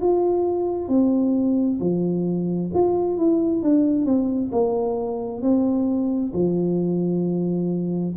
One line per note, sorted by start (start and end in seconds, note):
0.00 0.88 F4
0.88 1.79 C4
1.80 2.71 F3
2.74 3.17 F4
3.17 3.62 E4
3.62 4.05 D4
4.05 4.50 C4
4.51 5.41 A#3
5.41 6.32 C4
6.33 8.15 F3